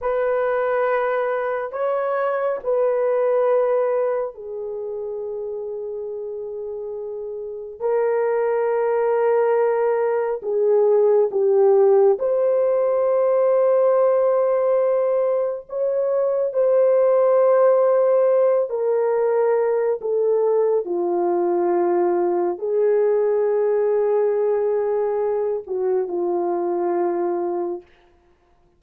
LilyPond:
\new Staff \with { instrumentName = "horn" } { \time 4/4 \tempo 4 = 69 b'2 cis''4 b'4~ | b'4 gis'2.~ | gis'4 ais'2. | gis'4 g'4 c''2~ |
c''2 cis''4 c''4~ | c''4. ais'4. a'4 | f'2 gis'2~ | gis'4. fis'8 f'2 | }